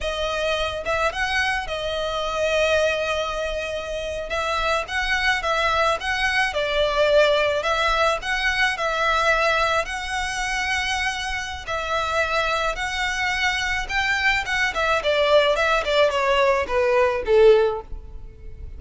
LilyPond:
\new Staff \with { instrumentName = "violin" } { \time 4/4 \tempo 4 = 108 dis''4. e''8 fis''4 dis''4~ | dis''2.~ dis''8. e''16~ | e''8. fis''4 e''4 fis''4 d''16~ | d''4.~ d''16 e''4 fis''4 e''16~ |
e''4.~ e''16 fis''2~ fis''16~ | fis''4 e''2 fis''4~ | fis''4 g''4 fis''8 e''8 d''4 | e''8 d''8 cis''4 b'4 a'4 | }